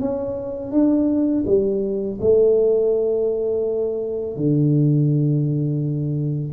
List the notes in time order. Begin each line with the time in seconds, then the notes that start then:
0.00 C#4
0.72 D4
1.47 G3
2.21 A3
4.36 D3